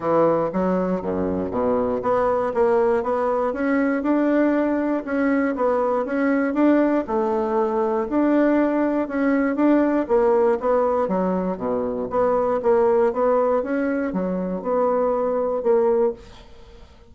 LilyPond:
\new Staff \with { instrumentName = "bassoon" } { \time 4/4 \tempo 4 = 119 e4 fis4 fis,4 b,4 | b4 ais4 b4 cis'4 | d'2 cis'4 b4 | cis'4 d'4 a2 |
d'2 cis'4 d'4 | ais4 b4 fis4 b,4 | b4 ais4 b4 cis'4 | fis4 b2 ais4 | }